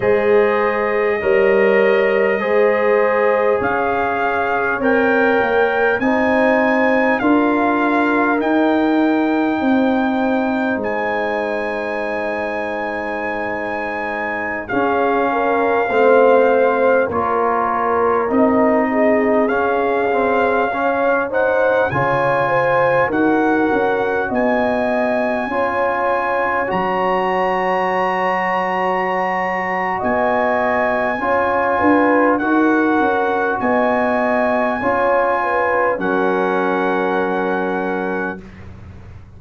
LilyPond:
<<
  \new Staff \with { instrumentName = "trumpet" } { \time 4/4 \tempo 4 = 50 dis''2. f''4 | g''4 gis''4 f''4 g''4~ | g''4 gis''2.~ | gis''16 f''2 cis''4 dis''8.~ |
dis''16 f''4. fis''8 gis''4 fis''8.~ | fis''16 gis''2 ais''4.~ ais''16~ | ais''4 gis''2 fis''4 | gis''2 fis''2 | }
  \new Staff \with { instrumentName = "horn" } { \time 4/4 c''4 cis''4 c''4 cis''4~ | cis''4 c''4 ais'2 | c''1~ | c''16 gis'8 ais'8 c''4 ais'4. gis'16~ |
gis'4~ gis'16 cis''8 c''8 cis''8 c''8 ais'8.~ | ais'16 dis''4 cis''2~ cis''8.~ | cis''4 dis''4 cis''8 b'8 ais'4 | dis''4 cis''8 b'8 ais'2 | }
  \new Staff \with { instrumentName = "trombone" } { \time 4/4 gis'4 ais'4 gis'2 | ais'4 dis'4 f'4 dis'4~ | dis'1~ | dis'16 cis'4 c'4 f'4 dis'8.~ |
dis'16 cis'8 c'8 cis'8 dis'8 f'4 fis'8.~ | fis'4~ fis'16 f'4 fis'4.~ fis'16~ | fis'2 f'4 fis'4~ | fis'4 f'4 cis'2 | }
  \new Staff \with { instrumentName = "tuba" } { \time 4/4 gis4 g4 gis4 cis'4 | c'8 ais8 c'4 d'4 dis'4 | c'4 gis2.~ | gis16 cis'4 a4 ais4 c'8.~ |
c'16 cis'2 cis4 dis'8 cis'16~ | cis'16 b4 cis'4 fis4.~ fis16~ | fis4 b4 cis'8 d'8 dis'8 cis'8 | b4 cis'4 fis2 | }
>>